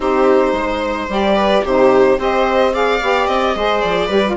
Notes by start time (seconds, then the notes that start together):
0.00 C4 D#4 G4 C5
0.52 G#3 C5
1.08 G3 G4 D5
1.35 B4
1.63 C3 D#4 G4 C5
2.18 C4 G4 C5 D#5
2.72 G#4 D5 F5
3.00 B3 G4
3.26 C4 D#5
3.54 G#3 G#4 C5
3.81 F3 D5
4.06 G3 G4 B4
4.25 F4